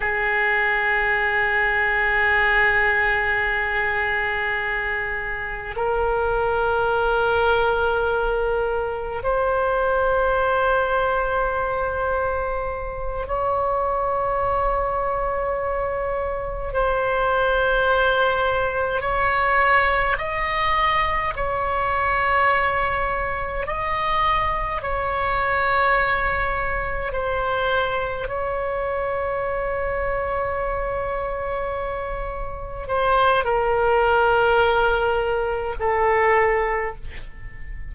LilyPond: \new Staff \with { instrumentName = "oboe" } { \time 4/4 \tempo 4 = 52 gis'1~ | gis'4 ais'2. | c''2.~ c''8 cis''8~ | cis''2~ cis''8 c''4.~ |
c''8 cis''4 dis''4 cis''4.~ | cis''8 dis''4 cis''2 c''8~ | c''8 cis''2.~ cis''8~ | cis''8 c''8 ais'2 a'4 | }